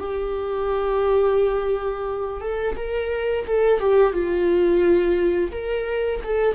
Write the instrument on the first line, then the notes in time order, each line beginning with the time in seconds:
viola
0.00 G4
2.42 A4
2.77 A#4
3.47 A4
3.80 G4
4.13 F4
5.52 A#4
6.24 A4